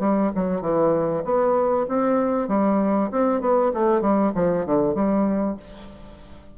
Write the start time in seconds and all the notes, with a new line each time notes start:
0.00 G3
0.36 F#3
0.62 E3
1.25 B3
1.89 C4
2.48 G3
3.12 C4
3.41 B3
3.74 A3
4.01 G3
4.35 F3
4.66 D3
4.95 G3